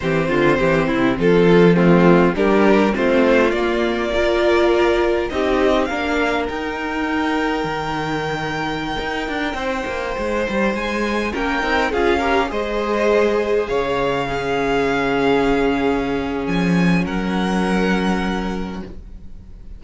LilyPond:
<<
  \new Staff \with { instrumentName = "violin" } { \time 4/4 \tempo 4 = 102 c''2 a'4 f'4 | ais'4 c''4 d''2~ | d''4 dis''4 f''4 g''4~ | g''1~ |
g''2~ g''16 gis''4 g''8.~ | g''16 f''4 dis''2 f''8.~ | f''1 | gis''4 fis''2. | }
  \new Staff \with { instrumentName = "violin" } { \time 4/4 g'8 f'8 g'8 e'8 f'4 c'4 | g'4 f'2 ais'4~ | ais'4 g'4 ais'2~ | ais'1~ |
ais'16 c''2. ais'8.~ | ais'16 gis'8 ais'8 c''2 cis''8.~ | cis''16 gis'2.~ gis'8.~ | gis'4 ais'2. | }
  \new Staff \with { instrumentName = "viola" } { \time 4/4 c'2. a4 | d'4 c'4 ais4 f'4~ | f'4 dis'4 d'4 dis'4~ | dis'1~ |
dis'2.~ dis'16 cis'8 dis'16~ | dis'16 f'8 g'8 gis'2~ gis'8.~ | gis'16 cis'2.~ cis'8.~ | cis'1 | }
  \new Staff \with { instrumentName = "cello" } { \time 4/4 e8 d8 e8 c8 f2 | g4 a4 ais2~ | ais4 c'4 ais4 dis'4~ | dis'4 dis2~ dis16 dis'8 d'16~ |
d'16 c'8 ais8 gis8 g8 gis4 ais8 c'16~ | c'16 cis'4 gis2 cis8.~ | cis1 | f4 fis2. | }
>>